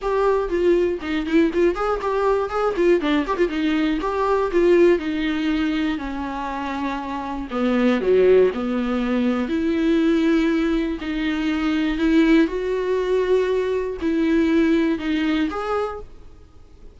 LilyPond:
\new Staff \with { instrumentName = "viola" } { \time 4/4 \tempo 4 = 120 g'4 f'4 dis'8 e'8 f'8 gis'8 | g'4 gis'8 f'8 d'8 g'16 f'16 dis'4 | g'4 f'4 dis'2 | cis'2. b4 |
fis4 b2 e'4~ | e'2 dis'2 | e'4 fis'2. | e'2 dis'4 gis'4 | }